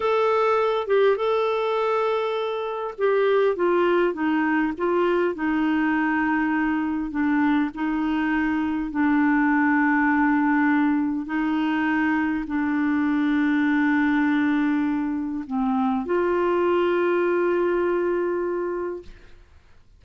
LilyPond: \new Staff \with { instrumentName = "clarinet" } { \time 4/4 \tempo 4 = 101 a'4. g'8 a'2~ | a'4 g'4 f'4 dis'4 | f'4 dis'2. | d'4 dis'2 d'4~ |
d'2. dis'4~ | dis'4 d'2.~ | d'2 c'4 f'4~ | f'1 | }